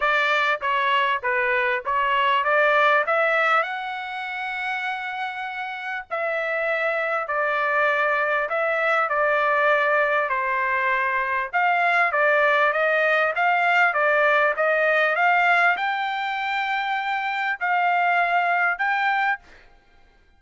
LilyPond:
\new Staff \with { instrumentName = "trumpet" } { \time 4/4 \tempo 4 = 99 d''4 cis''4 b'4 cis''4 | d''4 e''4 fis''2~ | fis''2 e''2 | d''2 e''4 d''4~ |
d''4 c''2 f''4 | d''4 dis''4 f''4 d''4 | dis''4 f''4 g''2~ | g''4 f''2 g''4 | }